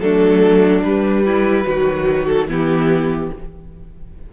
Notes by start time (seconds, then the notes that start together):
0.00 F#3 A3 D4 A4
0.84 G3 B4
1.26 E4
1.65 D#3 F#3 F#4
2.26 A4
2.48 E3 B3 E4 G4